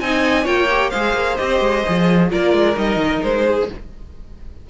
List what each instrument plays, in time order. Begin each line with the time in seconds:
0.00 cello C4, viola D#4, violin D#5 G#5
0.44 cello A#3, viola F4, violin C#5 G5
0.70 viola G4
0.90 cello G#3, viola G#4, violin C5 F5
1.13 cello A#3
1.36 cello C4, viola G4, violin D#5
1.60 cello G#3
1.86 cello F3, viola G#4
2.30 cello A#3, viola F4, violin A#4 D5
2.53 cello G#3
2.75 cello G3, viola D#4, violin D#5
2.96 cello D#3
3.23 cello G#3, violin C5
3.46 violin G#4